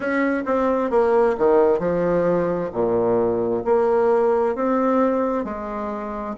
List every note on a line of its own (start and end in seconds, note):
0.00 0.43 C#4
0.45 0.90 C4
0.90 1.36 A#3
1.38 1.79 D#3
1.79 2.70 F3
2.72 3.63 A#2
3.64 4.55 A#3
4.55 5.44 C4
5.44 6.35 G#3